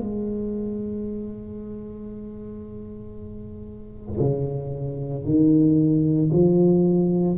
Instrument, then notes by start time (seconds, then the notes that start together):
tuba
0.00 G#3
4.21 C#3
5.25 D#3
6.33 F3